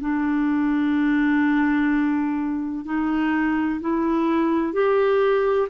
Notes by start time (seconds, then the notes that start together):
0.00 D4
2.85 D#4
3.81 E4
4.73 G4